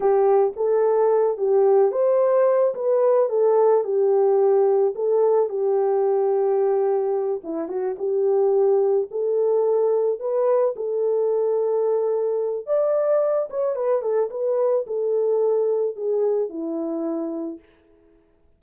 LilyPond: \new Staff \with { instrumentName = "horn" } { \time 4/4 \tempo 4 = 109 g'4 a'4. g'4 c''8~ | c''4 b'4 a'4 g'4~ | g'4 a'4 g'2~ | g'4. e'8 fis'8 g'4.~ |
g'8 a'2 b'4 a'8~ | a'2. d''4~ | d''8 cis''8 b'8 a'8 b'4 a'4~ | a'4 gis'4 e'2 | }